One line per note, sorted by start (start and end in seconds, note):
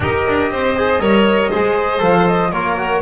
0.00 0.25 D#4
0.00 0.76 G4
0.00 0.51 A#4
0.00 2.03 D#5
0.28 0.50 D4
0.50 0.99 C4
0.50 1.01 C5
0.76 1.00 G#4
0.99 1.49 G3
0.99 1.50 A#4
0.99 1.50 C#5
1.50 2.01 G#3
1.50 1.98 G#4
1.50 2.50 C5
1.98 2.51 F3
1.98 2.48 A4
1.98 2.27 F5
2.27 2.52 D#5
2.51 3.01 A#3
2.51 2.77 F4
2.51 3.01 A#4
2.51 3.01 C#5
2.77 3.01 F#4